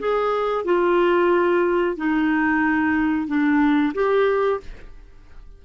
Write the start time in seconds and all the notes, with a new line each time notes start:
0.00 G#4
0.65 F4
1.97 D#4
3.28 D4
3.95 G4